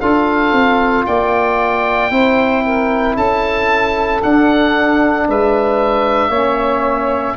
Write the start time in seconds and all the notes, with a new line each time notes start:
0.00 D4 F4 A4 F5
0.52 C4
1.06 A#3 D5 G5
2.11 C4 E4 C5
2.65 A#4
3.15 C#4 A4 A5
4.22 D4 F#5
5.28 G#3 B4 E5
6.28 A#3 C#4 C#5